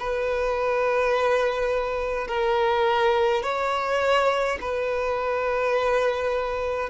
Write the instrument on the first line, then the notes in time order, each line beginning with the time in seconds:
violin
0.00 B4
2.28 A#4
3.43 C#5
4.61 B4